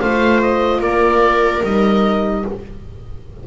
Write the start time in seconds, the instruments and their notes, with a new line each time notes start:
0.00 double bass A3, horn F4, viola C5, oboe F5
0.41 oboe D#5
0.79 double bass A#3, viola A#4, oboe D5
1.62 double bass G3, horn D#4, oboe D#5